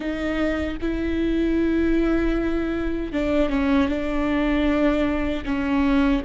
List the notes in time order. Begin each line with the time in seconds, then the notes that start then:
0.00 D#4
0.81 E4
3.12 D4
3.49 C#4
3.88 D4
5.45 C#4